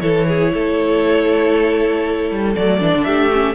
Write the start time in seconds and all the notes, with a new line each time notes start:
0.00 E3 E4 A4 C#5
0.28 G#4
0.54 A3 A4
2.31 G3
2.55 F#3 A3 D5
2.79 E3 D4
2.95 D3
3.03 A3 G4 E5
3.33 C#4